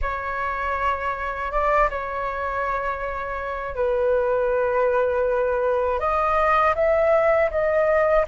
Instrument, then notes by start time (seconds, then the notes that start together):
flute
0.01 C#5
1.51 D5
1.90 C#5
3.75 B4
5.99 D#5
6.75 E5
7.50 D#5